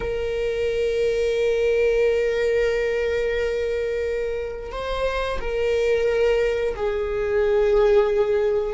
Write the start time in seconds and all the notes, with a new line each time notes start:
0.00 A#4
4.72 C5
5.40 A#4
6.75 G#4